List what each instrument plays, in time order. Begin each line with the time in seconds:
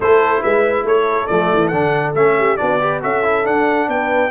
0.00 tuba A3, trombone E4, horn A4, trumpet C5
0.41 tuba G#3, horn B4, trumpet E5
0.84 tuba A3, horn A4, trumpet C#5
1.27 tuba F3, trombone A3, trumpet D5
1.53 tuba E3
1.68 tuba D3, trombone D4, trumpet F#5
2.14 tuba A3, trombone C#4, trumpet E5
2.37 horn G4
2.56 tuba B3, trombone D4, horn F#4, trumpet D5
2.80 trombone G4, horn B4
3.01 tuba C#4, trombone F#4, horn A4, trumpet E5
3.23 trombone E4
3.44 trombone D4, tuba D4, trumpet F#5
3.87 tuba B3, horn B4, trumpet G5